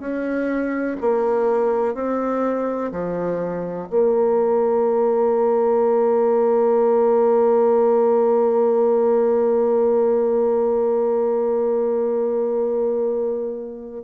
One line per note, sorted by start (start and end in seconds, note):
0.00 0.97 C#4
1.01 1.95 A#3
1.95 2.92 C4
2.92 3.89 F3
3.91 14.04 A#3